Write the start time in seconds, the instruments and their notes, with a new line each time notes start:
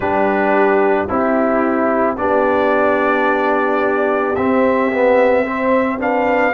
0.00 tuba G3, trombone D4, horn G4, trumpet B4
1.07 tuba C4, horn E4, trombone E4, trumpet G4
2.17 tuba B3, trombone D4, horn G4, trumpet D5
4.35 tuba C4, trombone C4, trumpet E5
4.92 trombone B3
5.43 trombone C4, horn C5
5.98 trombone D4, horn B4, trumpet F5